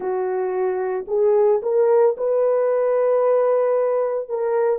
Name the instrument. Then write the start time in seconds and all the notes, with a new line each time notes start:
horn
0.00 F#4
1.07 G#4
1.62 A#4
2.17 B4
4.29 A#4